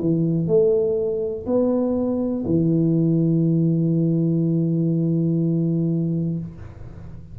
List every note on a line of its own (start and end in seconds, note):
0.00 0.47 E3
0.47 1.46 A3
1.46 2.45 B3
2.45 6.39 E3